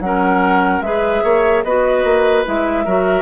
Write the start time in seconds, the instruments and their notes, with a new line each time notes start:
0.00 bassoon F#3, clarinet C#4, oboe A#4, flute F#5
0.81 bassoon G#3, clarinet G#4, oboe B4, flute E5
1.23 bassoon A#3, oboe C#5
1.63 bassoon B3, clarinet F#4, oboe B4, flute D#5
2.04 bassoon A#3
2.45 bassoon G#3, clarinet E4, flute E5
2.85 bassoon F#3, clarinet F#4, oboe A#4